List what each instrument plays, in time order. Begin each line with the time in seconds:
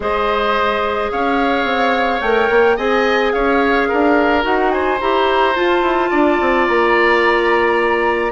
0.00 bassoon G#3, clarinet G#4, oboe C5, flute D#5
1.11 bassoon C#4, oboe C#5, flute F5
1.64 bassoon C4
2.20 bassoon A3, clarinet A#4, flute G5
2.50 bassoon A#3
2.76 bassoon C4, clarinet G#4, oboe D#5, flute G#5
3.32 bassoon C#4, oboe C#5, flute F5
3.88 bassoon D4, oboe A#4
4.42 bassoon D#4, clarinet F#4, flute F#5
4.71 oboe C5, flute G#5
5.00 bassoon E4, clarinet G4, flute A#5
5.54 clarinet F4, bassoon F4, flute A5
5.81 bassoon E4
6.10 bassoon D4, oboe D5
6.40 bassoon C4
6.67 bassoon A#3, flute A#5